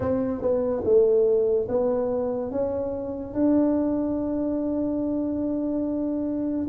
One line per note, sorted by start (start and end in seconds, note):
0.00 0.41 C4
0.41 0.83 B3
0.84 1.67 A3
1.68 2.51 B3
2.51 3.33 C#4
3.33 6.67 D4